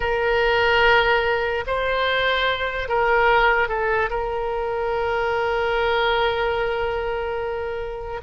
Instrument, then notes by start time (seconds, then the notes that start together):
oboe
0.00 A#4
1.67 C5
2.88 A#4
3.68 A4
4.09 A#4